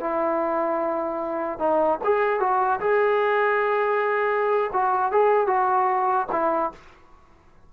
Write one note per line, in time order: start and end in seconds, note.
0.00 1.59 E4
1.59 1.99 D#4
2.04 2.39 G#4
2.39 2.79 F#4
2.80 4.70 G#4
4.73 5.12 F#4
5.12 5.47 G#4
5.47 6.27 F#4
6.31 6.71 E4